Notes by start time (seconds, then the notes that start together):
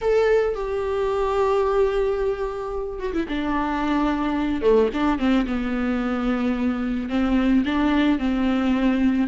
0.01 A4
0.55 G4
2.99 F#4
3.13 E4
3.28 D4
4.61 A3
4.93 D4
5.18 C4
5.46 B3
7.09 C4
7.65 D4
8.18 C4